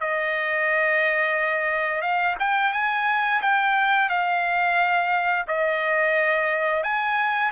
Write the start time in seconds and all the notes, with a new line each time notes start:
0.00 D#5
2.01 F5
2.39 G5
2.73 G#5
3.42 G5
4.09 F5
5.47 D#5
6.83 G#5